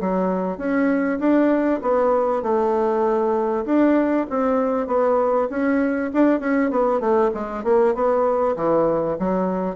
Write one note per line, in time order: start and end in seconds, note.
0.00 0.58 F#3
0.58 1.19 C#4
1.19 1.80 D4
1.81 2.42 B3
2.42 3.65 A3
3.65 4.26 D4
4.30 4.87 C4
4.87 5.48 B3
5.49 6.11 C#4
6.13 6.40 D4
6.40 6.70 C#4
6.70 7.00 B3
7.00 7.30 A3
7.34 7.63 G#3
7.63 7.94 A#3
7.94 8.55 B3
8.56 9.17 E3
9.19 9.76 F#3